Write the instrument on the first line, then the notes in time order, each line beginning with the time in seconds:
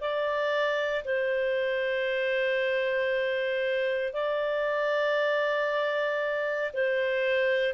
clarinet
0.00 D5
1.04 C5
4.13 D5
6.73 C5